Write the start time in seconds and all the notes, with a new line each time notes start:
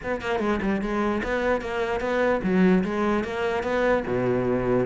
0.03 B3
0.21 A#3
0.39 G#3
0.62 G3
0.81 G#3
1.23 B3
1.61 A#3
2.00 B3
2.43 F#3
2.84 G#3
3.24 A#3
3.63 B3
4.07 B2